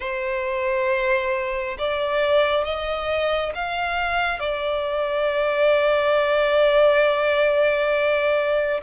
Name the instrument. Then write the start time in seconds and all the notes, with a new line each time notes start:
violin
0.00 C5
1.78 D5
2.64 D#5
3.54 F5
4.39 D5